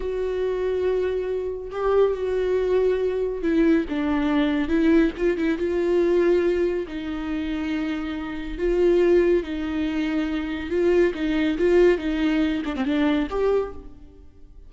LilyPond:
\new Staff \with { instrumentName = "viola" } { \time 4/4 \tempo 4 = 140 fis'1 | g'4 fis'2. | e'4 d'2 e'4 | f'8 e'8 f'2. |
dis'1 | f'2 dis'2~ | dis'4 f'4 dis'4 f'4 | dis'4. d'16 c'16 d'4 g'4 | }